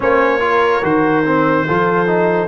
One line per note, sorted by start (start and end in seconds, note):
0.00 0.82 A#3
0.00 0.40 C#4
0.00 0.42 C5
0.00 0.84 C#5
0.40 0.81 F4
0.40 1.67 A#4
0.82 1.65 D#3
0.82 1.23 F#4
0.82 2.48 C5
1.25 1.67 C4
1.67 2.48 F3
1.67 2.06 F4
1.67 2.48 A4
2.06 2.48 D#4